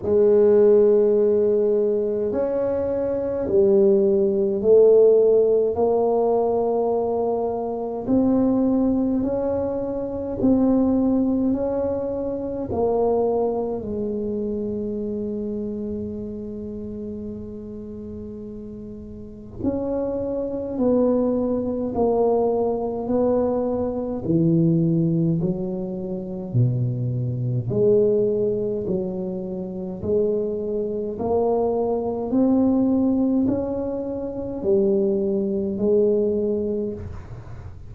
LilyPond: \new Staff \with { instrumentName = "tuba" } { \time 4/4 \tempo 4 = 52 gis2 cis'4 g4 | a4 ais2 c'4 | cis'4 c'4 cis'4 ais4 | gis1~ |
gis4 cis'4 b4 ais4 | b4 e4 fis4 b,4 | gis4 fis4 gis4 ais4 | c'4 cis'4 g4 gis4 | }